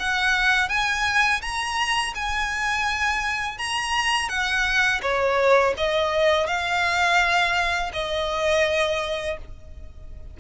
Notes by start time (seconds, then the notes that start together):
0.00 F#5
0.69 G#5
1.42 A#5
2.15 G#5
3.58 A#5
4.29 F#5
5.02 C#5
5.78 D#5
6.47 F5
7.94 D#5